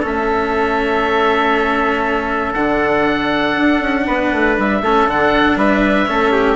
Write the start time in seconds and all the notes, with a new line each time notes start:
0.00 A3 C#4 A4 E5
2.53 D3 D4 F#5
3.56 D4
3.80 C#4
4.06 B3 B4
4.32 A3
4.57 G3 E5
4.81 A3 C#4 A4
5.07 D3 D4 F#5
5.56 G3 B4 E5
6.06 A3 C#4 A4
6.32 G4